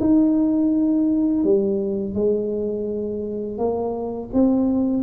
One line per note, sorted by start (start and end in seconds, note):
0.00 1.44 D#4
1.44 2.15 G3
2.15 3.58 G#3
3.58 4.30 A#3
4.33 5.03 C4